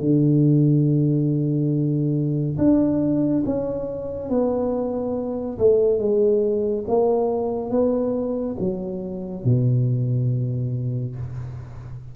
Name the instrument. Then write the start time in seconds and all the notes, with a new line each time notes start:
tuba
0.00 D3
2.58 D4
3.46 C#4
4.30 B3
5.59 A3
5.99 G#3
6.88 A#3
7.71 B3
8.59 F#3
9.44 B2